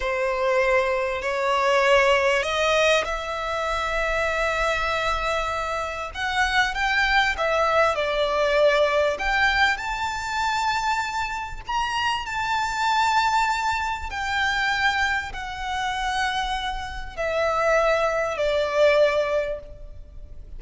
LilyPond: \new Staff \with { instrumentName = "violin" } { \time 4/4 \tempo 4 = 98 c''2 cis''2 | dis''4 e''2.~ | e''2 fis''4 g''4 | e''4 d''2 g''4 |
a''2. ais''4 | a''2. g''4~ | g''4 fis''2. | e''2 d''2 | }